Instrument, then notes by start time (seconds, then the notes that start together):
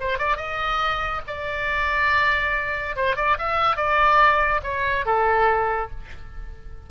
oboe
0.00 C5
0.18 D5
0.37 D#5
1.27 D5
2.96 C5
3.16 D5
3.38 E5
3.76 D5
4.63 C#5
5.06 A4